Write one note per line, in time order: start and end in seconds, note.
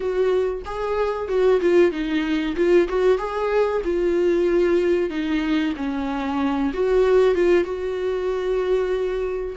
0.00 0.62 F#4
0.65 1.28 G#4
1.28 1.60 F#4
1.60 1.91 F4
1.91 2.55 D#4
2.56 2.88 F4
2.88 3.17 F#4
3.17 3.81 G#4
3.84 5.09 F4
5.09 5.73 D#4
5.76 6.72 C#4
6.73 7.34 F#4
7.34 7.64 F4
7.64 9.55 F#4